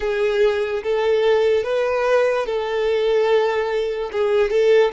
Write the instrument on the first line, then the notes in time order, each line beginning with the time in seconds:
violin
0.00 G#4
0.83 A4
1.63 B4
2.46 A4
4.12 G#4
4.50 A4